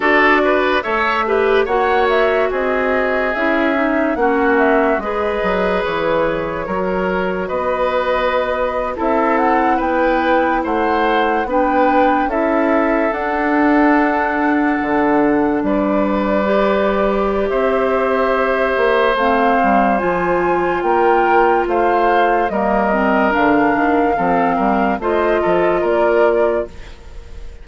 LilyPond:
<<
  \new Staff \with { instrumentName = "flute" } { \time 4/4 \tempo 4 = 72 d''4 e''4 fis''8 e''8 dis''4 | e''4 fis''8 e''8 dis''4 cis''4~ | cis''4 dis''4.~ dis''16 e''8 fis''8 g''16~ | g''8. fis''4 g''4 e''4 fis''16~ |
fis''2~ fis''8. d''4~ d''16~ | d''4 e''2 f''4 | gis''4 g''4 f''4 dis''4 | f''2 dis''4 d''4 | }
  \new Staff \with { instrumentName = "oboe" } { \time 4/4 a'8 b'8 cis''8 b'8 cis''4 gis'4~ | gis'4 fis'4 b'2 | ais'4 b'4.~ b'16 a'4 b'16~ | b'8. c''4 b'4 a'4~ a'16~ |
a'2~ a'8. b'4~ b'16~ | b'4 c''2.~ | c''4 ais'4 c''4 ais'4~ | ais'4 a'8 ais'8 c''8 a'8 ais'4 | }
  \new Staff \with { instrumentName = "clarinet" } { \time 4/4 fis'4 a'8 g'8 fis'2 | e'8 dis'8 cis'4 gis'2 | fis'2~ fis'8. e'4~ e'16~ | e'4.~ e'16 d'4 e'4 d'16~ |
d'2.~ d'8. g'16~ | g'2. c'4 | f'2. ais8 c'8 | d'4 c'4 f'2 | }
  \new Staff \with { instrumentName = "bassoon" } { \time 4/4 d'4 a4 ais4 c'4 | cis'4 ais4 gis8 fis8 e4 | fis4 b4.~ b16 c'4 b16~ | b8. a4 b4 cis'4 d'16~ |
d'4.~ d'16 d4 g4~ g16~ | g4 c'4. ais8 a8 g8 | f4 ais4 a4 g4 | d8 dis8 f8 g8 a8 f8 ais4 | }
>>